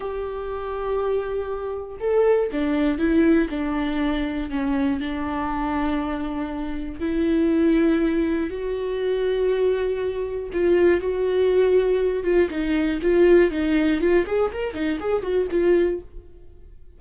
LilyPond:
\new Staff \with { instrumentName = "viola" } { \time 4/4 \tempo 4 = 120 g'1 | a'4 d'4 e'4 d'4~ | d'4 cis'4 d'2~ | d'2 e'2~ |
e'4 fis'2.~ | fis'4 f'4 fis'2~ | fis'8 f'8 dis'4 f'4 dis'4 | f'8 gis'8 ais'8 dis'8 gis'8 fis'8 f'4 | }